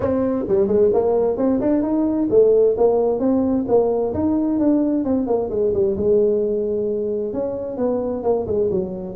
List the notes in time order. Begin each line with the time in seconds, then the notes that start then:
0.00 C4
0.48 G3
0.67 G#3
0.93 A#3
1.37 C4
1.60 D4
1.82 D#4
2.30 A3
2.77 A#3
3.19 C4
3.67 A#3
4.13 D#4
4.59 D4
5.04 C4
5.26 A#3
5.49 G#3
5.73 G3
5.96 G#3
7.33 C#4
7.77 B3
8.23 A#3
8.46 G#3
8.70 F#3